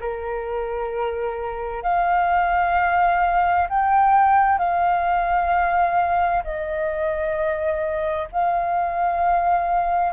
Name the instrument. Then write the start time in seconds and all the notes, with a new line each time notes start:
flute
0.00 A#4
1.83 F5
3.69 G5
4.58 F5
6.44 D#5
8.32 F5